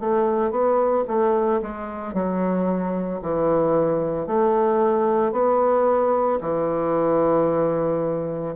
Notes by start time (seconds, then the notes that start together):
0.00 A3
0.51 B3
1.08 A3
1.62 G#3
2.14 F#3
3.22 E3
4.27 A3
5.32 B3
6.41 E3